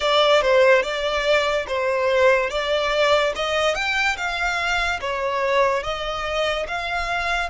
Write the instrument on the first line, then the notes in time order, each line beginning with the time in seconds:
violin
0.00 D5
0.41 C5
0.82 D5
1.67 C5
2.50 D5
3.35 D#5
3.74 G5
4.16 F5
5.00 C#5
5.83 D#5
6.67 F5